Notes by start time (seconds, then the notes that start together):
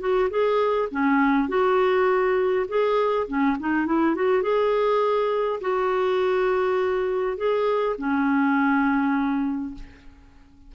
0.00 F#4
0.30 G#4
0.91 C#4
1.48 F#4
2.68 G#4
3.28 C#4
3.59 D#4
3.86 E4
4.15 F#4
4.43 G#4
5.61 F#4
7.37 G#4
7.98 C#4